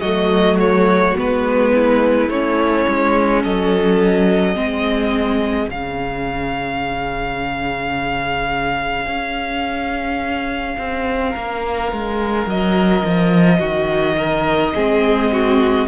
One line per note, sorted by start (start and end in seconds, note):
0.00 1.14 F#3
0.00 1.16 A3
0.00 1.71 F#4
0.00 0.57 D#5
0.60 1.17 C#5
1.16 2.29 G#3
1.16 2.29 B3
1.16 2.29 B4
1.74 3.42 E4
2.29 2.85 A3
2.29 4.55 C#4
2.29 3.42 C#5
2.88 3.45 G#3
3.42 4.56 F#3
3.42 4.55 A4
3.42 5.70 D#5
4.55 5.69 G#3
4.55 5.68 C4
4.55 11.30 G#4
5.68 9.06 C#3
5.68 14.74 C#4
5.68 12.49 F5
9.06 10.76 C#4
10.78 11.34 C4
11.30 11.92 A#3
11.30 13.57 A#4
11.92 12.46 G#3
12.46 13.03 F#3
12.46 15.88 D#5
13.04 13.60 F3
13.59 14.74 D#3
13.59 14.16 F#4
14.17 14.73 A#4
14.75 15.88 G#3
14.75 15.88 C4
14.75 15.31 G#4
15.32 15.88 F#4